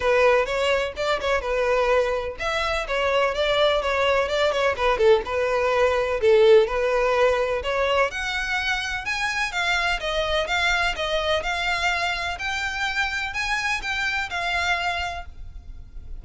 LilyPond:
\new Staff \with { instrumentName = "violin" } { \time 4/4 \tempo 4 = 126 b'4 cis''4 d''8 cis''8 b'4~ | b'4 e''4 cis''4 d''4 | cis''4 d''8 cis''8 b'8 a'8 b'4~ | b'4 a'4 b'2 |
cis''4 fis''2 gis''4 | f''4 dis''4 f''4 dis''4 | f''2 g''2 | gis''4 g''4 f''2 | }